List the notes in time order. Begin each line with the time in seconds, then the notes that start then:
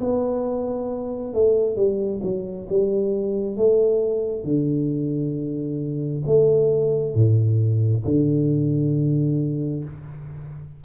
0.00 B3
1.34 A3
1.76 G3
2.23 F#3
2.69 G3
3.57 A3
4.45 D3
6.26 A3
7.15 A2
8.05 D3